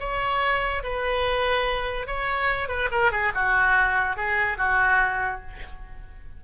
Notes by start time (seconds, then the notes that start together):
0.00 C#5
0.84 B4
2.07 C#5
2.69 B4
2.92 A#4
3.12 G#4
3.35 F#4
4.17 G#4
4.58 F#4